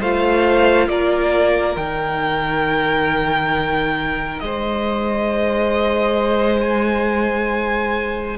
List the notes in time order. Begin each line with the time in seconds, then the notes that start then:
0.00 A3 F4 C5 F5
0.88 A#3 A#4 D5
1.76 D#3 D#4 G5
4.40 G#3 C5 D#5
6.61 G#5